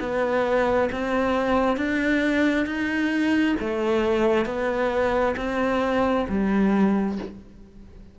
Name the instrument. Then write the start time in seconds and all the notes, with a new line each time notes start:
cello
0.00 B3
0.92 C4
1.77 D4
2.66 D#4
3.60 A3
4.46 B3
5.37 C4
6.29 G3